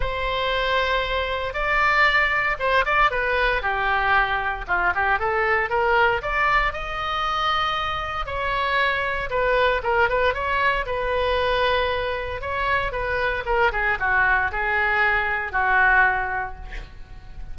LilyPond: \new Staff \with { instrumentName = "oboe" } { \time 4/4 \tempo 4 = 116 c''2. d''4~ | d''4 c''8 d''8 b'4 g'4~ | g'4 f'8 g'8 a'4 ais'4 | d''4 dis''2. |
cis''2 b'4 ais'8 b'8 | cis''4 b'2. | cis''4 b'4 ais'8 gis'8 fis'4 | gis'2 fis'2 | }